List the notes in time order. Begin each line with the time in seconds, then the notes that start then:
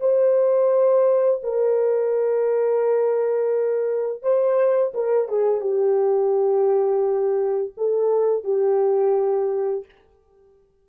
0.00 C5
1.43 A#4
4.23 C5
4.94 A#4
5.28 G#4
5.61 G4
7.77 A4
8.44 G4